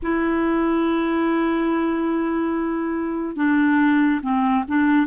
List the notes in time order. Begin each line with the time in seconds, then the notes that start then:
0.02 E4
3.36 D4
4.22 C4
4.67 D4